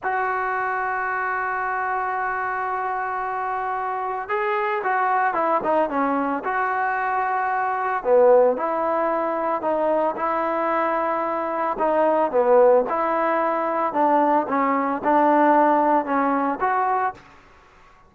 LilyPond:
\new Staff \with { instrumentName = "trombone" } { \time 4/4 \tempo 4 = 112 fis'1~ | fis'1 | gis'4 fis'4 e'8 dis'8 cis'4 | fis'2. b4 |
e'2 dis'4 e'4~ | e'2 dis'4 b4 | e'2 d'4 cis'4 | d'2 cis'4 fis'4 | }